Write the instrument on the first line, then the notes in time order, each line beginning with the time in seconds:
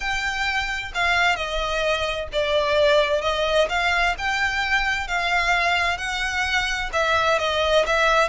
violin
0.00 G5
0.94 F5
1.36 D#5
2.32 D5
3.21 D#5
3.69 F5
4.18 G5
5.07 F5
5.97 F#5
6.92 E5
7.38 D#5
7.86 E5